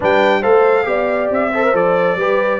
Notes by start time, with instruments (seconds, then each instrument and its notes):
0.00 tuba G3, trombone D4, horn B4, trumpet G5
0.41 tuba A3, trombone A4, horn C5, trumpet F5
0.84 tuba B3, trombone G4, horn D5
1.30 tuba C4, trumpet E5
1.53 trombone A4, horn C5
1.63 trombone A#4
1.73 tuba F3, trombone A4, trumpet D5
2.16 tuba G3, trombone G4, horn B4